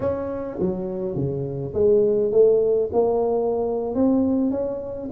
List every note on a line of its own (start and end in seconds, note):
0.00 0.57 C#4
0.59 1.15 F#3
1.15 1.73 C#3
1.74 2.31 G#3
2.31 2.89 A3
2.93 3.95 A#3
3.95 4.50 C4
4.50 5.09 C#4